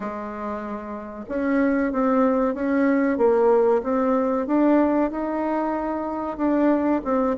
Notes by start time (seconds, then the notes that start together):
0.00 G#3
1.29 C#4
1.92 C4
2.54 C#4
3.17 A#3
3.83 C4
4.47 D4
5.10 D#4
6.37 D4
7.04 C4